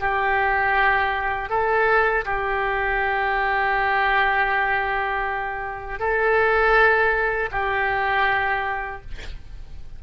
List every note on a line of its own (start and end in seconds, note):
0.00 1.49 G4
1.49 2.24 A4
2.25 5.99 G4
5.99 7.49 A4
7.51 9.01 G4